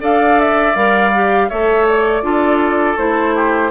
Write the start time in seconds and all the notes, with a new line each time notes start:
0.00 D4 A4 D5 F5
0.40 E5
0.75 G3 A#4 F5
1.14 G4
1.49 A3 A4 C#5 E5
1.88 D5
2.22 D4 F4 A4
2.97 A3 E4 C5
3.35 G4